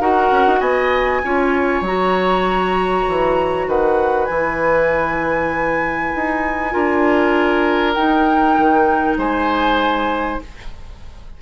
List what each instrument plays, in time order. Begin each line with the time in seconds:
0.00 bassoon D#4, clarinet F#4, oboe A#4, flute F#5
0.31 bassoon C#4
0.46 bassoon D#4
0.60 bassoon B3, oboe D#5, flute G#5
1.24 bassoon C#4, clarinet F4, oboe C#5
1.81 bassoon F#3, clarinet F#4, flute A#5
3.08 bassoon E3
3.67 bassoon D#3, oboe B4, flute F#5
4.25 bassoon E3, clarinet E4, flute G#5
6.15 bassoon D#4
6.72 bassoon D4, clarinet F4, oboe A#4
7.94 bassoon D#4, clarinet D#4, flute G5
8.58 bassoon D#3
9.17 bassoon G#3, oboe C5, flute G#5